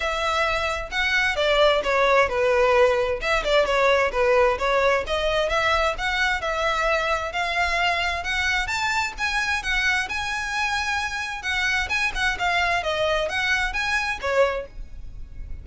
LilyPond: \new Staff \with { instrumentName = "violin" } { \time 4/4 \tempo 4 = 131 e''2 fis''4 d''4 | cis''4 b'2 e''8 d''8 | cis''4 b'4 cis''4 dis''4 | e''4 fis''4 e''2 |
f''2 fis''4 a''4 | gis''4 fis''4 gis''2~ | gis''4 fis''4 gis''8 fis''8 f''4 | dis''4 fis''4 gis''4 cis''4 | }